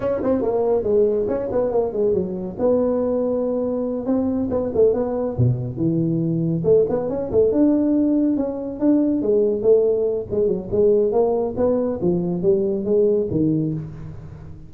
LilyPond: \new Staff \with { instrumentName = "tuba" } { \time 4/4 \tempo 4 = 140 cis'8 c'8 ais4 gis4 cis'8 b8 | ais8 gis8 fis4 b2~ | b4. c'4 b8 a8 b8~ | b8 b,4 e2 a8 |
b8 cis'8 a8 d'2 cis'8~ | cis'8 d'4 gis4 a4. | gis8 fis8 gis4 ais4 b4 | f4 g4 gis4 dis4 | }